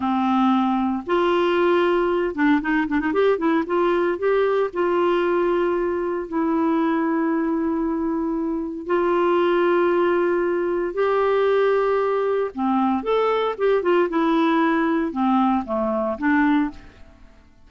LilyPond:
\new Staff \with { instrumentName = "clarinet" } { \time 4/4 \tempo 4 = 115 c'2 f'2~ | f'8 d'8 dis'8 d'16 dis'16 g'8 e'8 f'4 | g'4 f'2. | e'1~ |
e'4 f'2.~ | f'4 g'2. | c'4 a'4 g'8 f'8 e'4~ | e'4 c'4 a4 d'4 | }